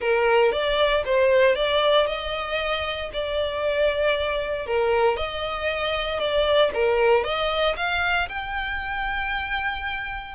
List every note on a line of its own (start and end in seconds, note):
0.00 0.51 A#4
0.51 1.03 D5
1.05 1.55 C5
1.55 2.06 D5
2.06 3.10 D#5
3.13 4.66 D5
4.66 5.17 A#4
5.17 6.19 D#5
6.19 6.71 D5
6.74 7.24 A#4
7.24 7.75 D#5
7.76 8.28 F5
8.28 10.34 G5